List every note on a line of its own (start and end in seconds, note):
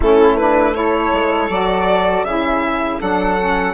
0.00 1.12 A3
0.00 0.39 C#4
0.00 0.75 E4
0.00 0.37 A4
0.37 0.74 D4
0.37 0.74 B4
0.74 1.49 E4
0.74 2.25 A4
0.74 1.49 C#5
1.12 1.49 G#3
1.49 2.23 F#3
1.49 2.26 F#4
1.49 2.24 D5
2.23 2.98 C#3
2.23 3.00 E4
2.23 3.00 G#4
2.23 2.99 E5
3.00 3.74 F#3
3.00 3.37 D4
3.00 3.74 A4
3.00 3.74 F#5
3.39 3.74 C#4